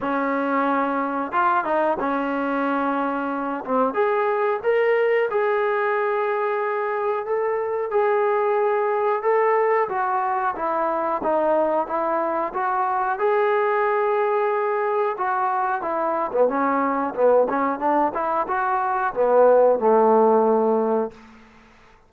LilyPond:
\new Staff \with { instrumentName = "trombone" } { \time 4/4 \tempo 4 = 91 cis'2 f'8 dis'8 cis'4~ | cis'4. c'8 gis'4 ais'4 | gis'2. a'4 | gis'2 a'4 fis'4 |
e'4 dis'4 e'4 fis'4 | gis'2. fis'4 | e'8. b16 cis'4 b8 cis'8 d'8 e'8 | fis'4 b4 a2 | }